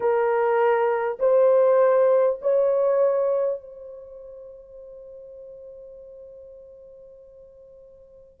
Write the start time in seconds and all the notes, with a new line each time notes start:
0.00 A#4
1.19 C5
2.41 C#5
3.61 C5